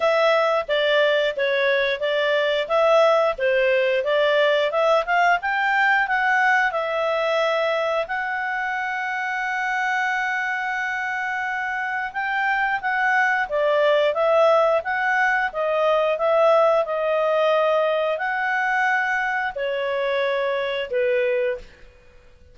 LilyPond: \new Staff \with { instrumentName = "clarinet" } { \time 4/4 \tempo 4 = 89 e''4 d''4 cis''4 d''4 | e''4 c''4 d''4 e''8 f''8 | g''4 fis''4 e''2 | fis''1~ |
fis''2 g''4 fis''4 | d''4 e''4 fis''4 dis''4 | e''4 dis''2 fis''4~ | fis''4 cis''2 b'4 | }